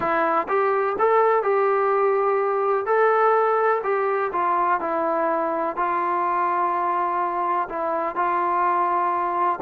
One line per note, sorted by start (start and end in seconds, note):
0.00 0.47 E4
0.48 0.96 G4
0.98 1.42 A4
1.42 2.86 G4
2.86 3.82 A4
3.83 4.31 G4
4.32 4.80 F4
4.80 5.76 E4
5.76 7.68 F4
7.68 8.15 E4
8.15 9.59 F4